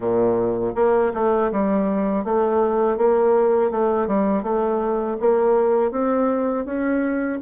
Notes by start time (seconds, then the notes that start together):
0.00 A#2
0.75 A#3
1.14 A3
1.51 G3
2.24 A3
2.97 A#3
3.70 A3
4.07 G3
4.42 A3
5.20 A#3
5.91 C4
6.65 C#4